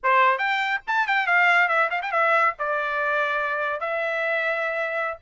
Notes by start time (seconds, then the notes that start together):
0.03 C5
0.38 G5
0.87 A5
1.07 G5
1.26 F5
1.68 E5
1.90 F5
2.01 G5
2.11 E5
2.58 D5
3.80 E5